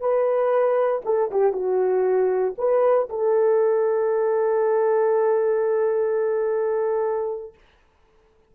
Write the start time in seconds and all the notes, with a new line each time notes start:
0.00 B4
1.05 A4
1.31 G4
1.53 F#4
2.58 B4
3.09 A4